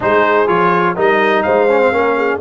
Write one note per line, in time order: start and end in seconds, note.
0.00 0.48 G#3
0.00 0.47 D#4
0.00 0.95 G#4
0.00 0.47 C5
0.47 0.97 F3
0.47 0.95 F4
0.47 0.96 C#5
0.95 1.45 G3
0.95 1.69 D#4
0.95 1.44 A#4
0.95 1.42 D#5
1.42 1.91 G#3
1.42 1.93 C5
1.42 2.39 F5
1.69 1.80 C#4
1.80 1.92 C4
1.91 2.40 A#3
1.91 2.40 C#4
1.91 2.17 A#4
2.17 2.40 G#4